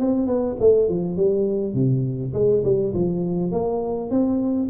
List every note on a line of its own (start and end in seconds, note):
0.00 0.27 C4
0.27 0.56 B3
0.60 0.89 A3
0.89 1.17 F3
1.17 1.74 G3
1.74 2.33 C3
2.34 2.63 G#3
2.64 2.94 G3
2.94 3.52 F3
3.52 4.10 A#3
4.10 4.69 C4